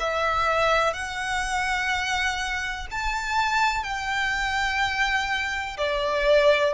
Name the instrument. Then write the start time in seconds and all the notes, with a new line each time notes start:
violin
0.00 E5
0.94 F#5
2.92 A5
3.84 G5
5.78 D5